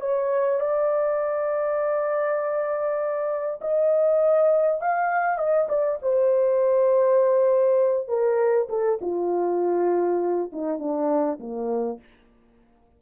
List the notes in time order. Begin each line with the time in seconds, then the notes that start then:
0.00 C#5
0.59 D5
3.61 D#5
4.81 F5
5.38 D#5
5.68 D5
6.02 C5
8.08 A#4
8.69 A4
9.01 F4
10.52 D#4
10.78 D4
11.39 A#3